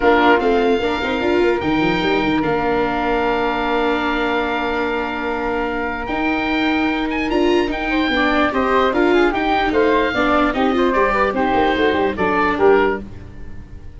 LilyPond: <<
  \new Staff \with { instrumentName = "oboe" } { \time 4/4 \tempo 4 = 148 ais'4 f''2. | g''2 f''2~ | f''1~ | f''2. g''4~ |
g''4. gis''8 ais''4 g''4~ | g''4 dis''4 f''4 g''4 | f''2 dis''4 d''4 | c''2 d''4 ais'4 | }
  \new Staff \with { instrumentName = "flute" } { \time 4/4 f'2 ais'2~ | ais'1~ | ais'1~ | ais'1~ |
ais'2.~ ais'8 c''8 | d''4 c''4 ais'8 gis'8 g'4 | c''4 d''4 g'8 c''4 b'8 | g'4 fis'8 g'8 a'4 g'4 | }
  \new Staff \with { instrumentName = "viola" } { \time 4/4 d'4 c'4 d'8 dis'8 f'4 | dis'2 d'2~ | d'1~ | d'2. dis'4~ |
dis'2 f'4 dis'4 | d'4 g'4 f'4 dis'4~ | dis'4 d'4 dis'8 f'8 g'4 | dis'2 d'2 | }
  \new Staff \with { instrumentName = "tuba" } { \time 4/4 ais4 a4 ais8 c'8 d'8 ais8 | dis8 f8 g8 dis8 ais2~ | ais1~ | ais2. dis'4~ |
dis'2 d'4 dis'4 | b4 c'4 d'4 dis'4 | a4 b4 c'4 g4 | c'8 ais8 a8 g8 fis4 g4 | }
>>